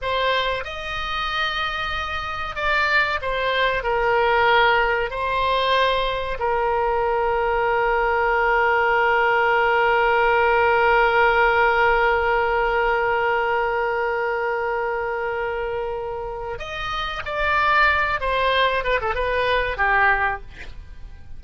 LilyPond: \new Staff \with { instrumentName = "oboe" } { \time 4/4 \tempo 4 = 94 c''4 dis''2. | d''4 c''4 ais'2 | c''2 ais'2~ | ais'1~ |
ais'1~ | ais'1~ | ais'2 dis''4 d''4~ | d''8 c''4 b'16 a'16 b'4 g'4 | }